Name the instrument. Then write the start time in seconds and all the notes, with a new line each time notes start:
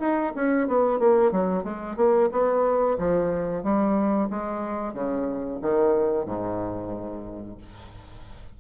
bassoon
0.00 D#4
0.36 C#4
0.68 B3
0.99 A#3
1.32 F#3
1.64 G#3
1.97 A#3
2.32 B3
2.99 F3
3.64 G3
4.30 G#3
4.94 C#3
5.62 D#3
6.26 G#2